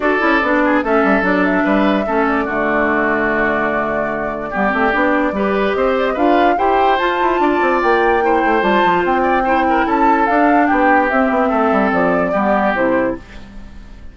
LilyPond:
<<
  \new Staff \with { instrumentName = "flute" } { \time 4/4 \tempo 4 = 146 d''2 e''4 d''8 e''8~ | e''4. d''2~ d''8~ | d''1~ | d''2 dis''8 d''16 dis''16 f''4 |
g''4 a''2 g''4~ | g''4 a''4 g''2 | a''4 f''4 g''4 e''4~ | e''4 d''2 c''4 | }
  \new Staff \with { instrumentName = "oboe" } { \time 4/4 a'4. gis'8 a'2 | b'4 a'4 fis'2~ | fis'2. g'4~ | g'4 b'4 c''4 b'4 |
c''2 d''2 | c''2~ c''8 d''8 c''8 ais'8 | a'2 g'2 | a'2 g'2 | }
  \new Staff \with { instrumentName = "clarinet" } { \time 4/4 fis'8 e'8 d'4 cis'4 d'4~ | d'4 cis'4 a2~ | a2. b8 c'8 | d'4 g'2 f'4 |
g'4 f'2. | e'4 f'2 e'4~ | e'4 d'2 c'4~ | c'2 b4 e'4 | }
  \new Staff \with { instrumentName = "bassoon" } { \time 4/4 d'8 cis'8 b4 a8 g8 fis4 | g4 a4 d2~ | d2. g8 a8 | b4 g4 c'4 d'4 |
e'4 f'8 e'8 d'8 c'8 ais4~ | ais8 a8 g8 f8 c'2 | cis'4 d'4 b4 c'8 b8 | a8 g8 f4 g4 c4 | }
>>